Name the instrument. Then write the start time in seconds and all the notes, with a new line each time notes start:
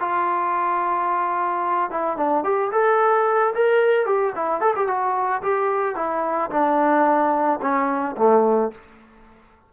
trombone
0.00 F4
1.91 E4
2.17 D4
2.44 G4
2.72 A4
3.55 A#4
4.06 G4
4.36 E4
4.61 A4
4.76 G4
4.88 F#4
5.42 G4
5.96 E4
6.51 D4
7.62 C#4
8.17 A3